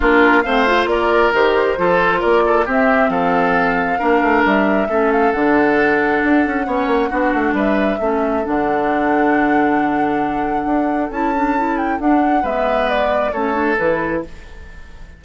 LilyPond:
<<
  \new Staff \with { instrumentName = "flute" } { \time 4/4 \tempo 4 = 135 ais'4 f''4 d''4 c''4~ | c''4 d''4 e''4 f''4~ | f''2 e''4. f''8 | fis''1~ |
fis''4 e''2 fis''4~ | fis''1~ | fis''4 a''4. g''8 fis''4 | e''4 d''4 cis''4 b'4 | }
  \new Staff \with { instrumentName = "oboe" } { \time 4/4 f'4 c''4 ais'2 | a'4 ais'8 a'8 g'4 a'4~ | a'4 ais'2 a'4~ | a'2. cis''4 |
fis'4 b'4 a'2~ | a'1~ | a'1 | b'2 a'2 | }
  \new Staff \with { instrumentName = "clarinet" } { \time 4/4 d'4 c'8 f'4. g'4 | f'2 c'2~ | c'4 d'2 cis'4 | d'2. cis'4 |
d'2 cis'4 d'4~ | d'1~ | d'4 e'8 d'8 e'4 d'4 | b2 cis'8 d'8 e'4 | }
  \new Staff \with { instrumentName = "bassoon" } { \time 4/4 ais4 a4 ais4 dis4 | f4 ais4 c'4 f4~ | f4 ais8 a8 g4 a4 | d2 d'8 cis'8 b8 ais8 |
b8 a8 g4 a4 d4~ | d1 | d'4 cis'2 d'4 | gis2 a4 e4 | }
>>